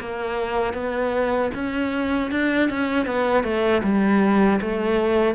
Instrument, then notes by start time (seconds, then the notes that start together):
cello
0.00 A#3
0.73 B3
1.54 C#4
2.31 D4
2.70 C#4
3.06 B3
3.43 A3
3.83 G3
4.61 A3